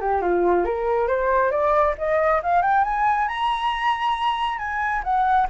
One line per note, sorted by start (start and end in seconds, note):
0.00 0.21 G4
0.21 0.65 F4
0.65 1.07 A#4
1.07 1.51 C5
1.51 1.94 D5
1.97 2.41 D#5
2.42 2.62 F5
2.62 2.84 G5
2.84 3.28 G#5
3.28 4.58 A#5
4.58 5.02 G#5
5.03 5.47 F#5